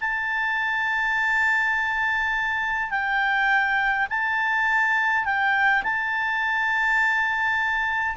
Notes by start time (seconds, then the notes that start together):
0.00 A5
2.90 G5
4.09 A5
5.25 G5
5.83 A5